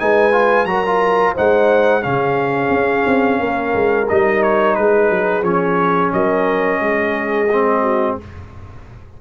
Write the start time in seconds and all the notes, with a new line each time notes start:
0.00 G#3 D#4 B4 G#5
0.33 F4
0.65 F#3 F#4 A#4 A#5
0.87 F4
1.35 G#3 D#4 C5 F#5
2.02 C#3 C#4 G#4 F5
2.70 C#4
3.07 C4
3.40 A#3 A#4
3.75 G#3
4.09 G3 D#4 D#5
4.43 C#5
4.75 G#3 G#4 B4
5.11 F#3
5.43 F3 C#4 C#5
6.13 F#3 A#4 D#5
6.81 G#3 G#4
7.53 C4
7.83 F#4